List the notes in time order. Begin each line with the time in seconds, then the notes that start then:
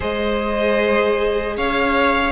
0.00 G#3 G#4 C5 D#5
1.56 C#4 C#5 F5